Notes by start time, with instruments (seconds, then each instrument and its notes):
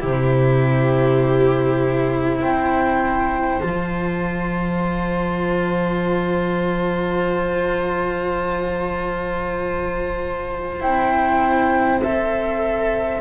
0.00 double bass C3, cello E4, viola G4, flute C5
2.41 double bass C4, viola C5, flute G5
3.61 double bass F3, cello F4, flute A5
10.80 double bass C4, cello E4, flute G5
12.03 cello A4, flute E5